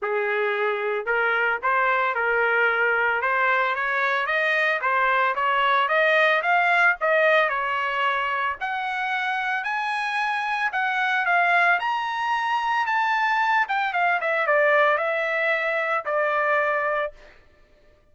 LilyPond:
\new Staff \with { instrumentName = "trumpet" } { \time 4/4 \tempo 4 = 112 gis'2 ais'4 c''4 | ais'2 c''4 cis''4 | dis''4 c''4 cis''4 dis''4 | f''4 dis''4 cis''2 |
fis''2 gis''2 | fis''4 f''4 ais''2 | a''4. g''8 f''8 e''8 d''4 | e''2 d''2 | }